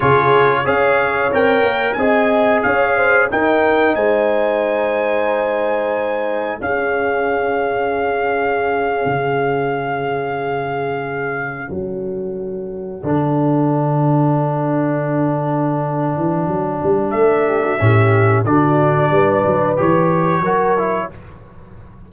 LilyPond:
<<
  \new Staff \with { instrumentName = "trumpet" } { \time 4/4 \tempo 4 = 91 cis''4 f''4 g''4 gis''4 | f''4 g''4 gis''2~ | gis''2 f''2~ | f''1~ |
f''4.~ f''16 fis''2~ fis''16~ | fis''1~ | fis''2 e''2 | d''2 cis''2 | }
  \new Staff \with { instrumentName = "horn" } { \time 4/4 gis'4 cis''2 dis''4 | cis''8 c''8 ais'4 c''2~ | c''2 gis'2~ | gis'1~ |
gis'4.~ gis'16 a'2~ a'16~ | a'1~ | a'2~ a'8 g'16 fis'16 g'4 | fis'4 b'2 ais'4 | }
  \new Staff \with { instrumentName = "trombone" } { \time 4/4 f'4 gis'4 ais'4 gis'4~ | gis'4 dis'2.~ | dis'2 cis'2~ | cis'1~ |
cis'2.~ cis'8. d'16~ | d'1~ | d'2. cis'4 | d'2 g'4 fis'8 e'8 | }
  \new Staff \with { instrumentName = "tuba" } { \time 4/4 cis4 cis'4 c'8 ais8 c'4 | cis'4 dis'4 gis2~ | gis2 cis'2~ | cis'4.~ cis'16 cis2~ cis16~ |
cis4.~ cis16 fis2 d16~ | d1~ | d8 e8 fis8 g8 a4 a,4 | d4 g8 fis8 e4 fis4 | }
>>